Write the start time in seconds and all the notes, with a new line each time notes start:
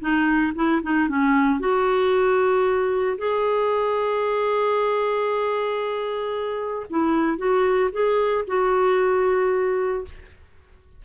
0.00 D#4
0.55 E4
0.82 D#4
1.08 C#4
1.60 F#4
3.18 G#4
6.90 E4
7.37 F#4
7.92 G#4
8.47 F#4